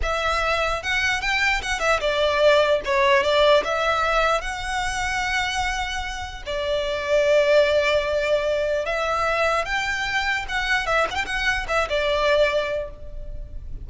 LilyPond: \new Staff \with { instrumentName = "violin" } { \time 4/4 \tempo 4 = 149 e''2 fis''4 g''4 | fis''8 e''8 d''2 cis''4 | d''4 e''2 fis''4~ | fis''1 |
d''1~ | d''2 e''2 | g''2 fis''4 e''8 fis''16 g''16 | fis''4 e''8 d''2~ d''8 | }